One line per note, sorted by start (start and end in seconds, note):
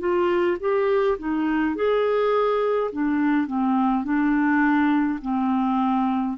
0.00 0.58 F4
0.60 1.18 G4
1.19 1.76 D#4
1.76 2.91 G#4
2.92 3.47 D4
3.47 4.04 C4
4.04 5.20 D4
5.22 6.37 C4